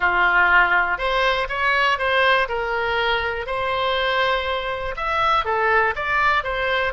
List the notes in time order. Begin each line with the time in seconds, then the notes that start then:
0.00 F4
0.98 C5
1.48 C#5
1.98 C5
2.48 A#4
3.46 C5
4.96 E5
5.44 A4
5.95 D5
6.43 C5